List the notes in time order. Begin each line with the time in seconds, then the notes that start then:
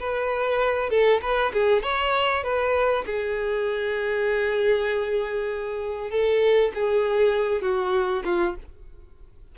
0.00 B4
0.90 A4
1.22 B4
1.53 G#4
1.83 C#5
2.44 B4
3.06 G#4
6.11 A4
6.75 G#4
7.62 F#4
8.25 F4